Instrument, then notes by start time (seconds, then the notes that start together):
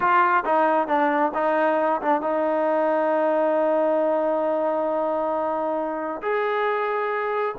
trombone
0.00 F4
0.45 D#4
0.87 D4
1.34 D#4
2.01 D4
2.21 D#4
6.22 G#4